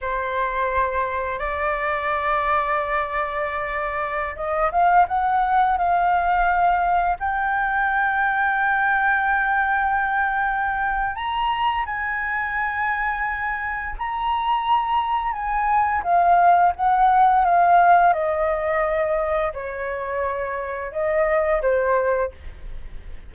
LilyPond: \new Staff \with { instrumentName = "flute" } { \time 4/4 \tempo 4 = 86 c''2 d''2~ | d''2~ d''16 dis''8 f''8 fis''8.~ | fis''16 f''2 g''4.~ g''16~ | g''1 |
ais''4 gis''2. | ais''2 gis''4 f''4 | fis''4 f''4 dis''2 | cis''2 dis''4 c''4 | }